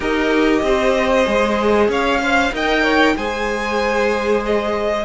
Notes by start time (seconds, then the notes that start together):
0.00 D#4 G4 A#4 D#5
0.62 C4 C5
1.25 G#3 G#4
1.88 C#4 C#5 F5
2.21 C5 F5
2.52 D#4 A#4 D#5 G5
2.83 C#5
3.16 G#3 G#4 C5 G#5
4.45 D#5